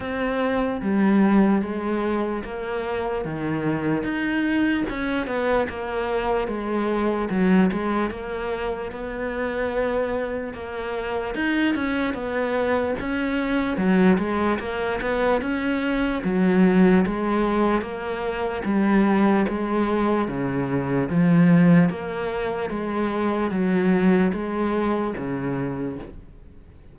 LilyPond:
\new Staff \with { instrumentName = "cello" } { \time 4/4 \tempo 4 = 74 c'4 g4 gis4 ais4 | dis4 dis'4 cis'8 b8 ais4 | gis4 fis8 gis8 ais4 b4~ | b4 ais4 dis'8 cis'8 b4 |
cis'4 fis8 gis8 ais8 b8 cis'4 | fis4 gis4 ais4 g4 | gis4 cis4 f4 ais4 | gis4 fis4 gis4 cis4 | }